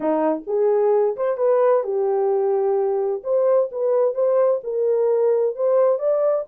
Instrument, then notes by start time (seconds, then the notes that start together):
horn
0.00 D#4
0.46 G#4
1.16 C5
1.37 B4
1.83 G4
3.23 C5
3.71 B4
4.14 C5
4.63 A#4
5.55 C5
5.98 D5